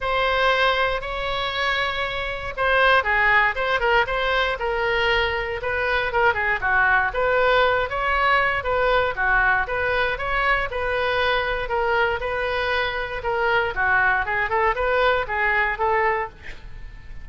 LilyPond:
\new Staff \with { instrumentName = "oboe" } { \time 4/4 \tempo 4 = 118 c''2 cis''2~ | cis''4 c''4 gis'4 c''8 ais'8 | c''4 ais'2 b'4 | ais'8 gis'8 fis'4 b'4. cis''8~ |
cis''4 b'4 fis'4 b'4 | cis''4 b'2 ais'4 | b'2 ais'4 fis'4 | gis'8 a'8 b'4 gis'4 a'4 | }